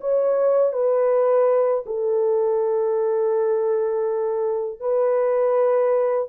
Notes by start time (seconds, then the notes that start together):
0.00 C#5
0.72 B4
1.86 A4
4.79 B4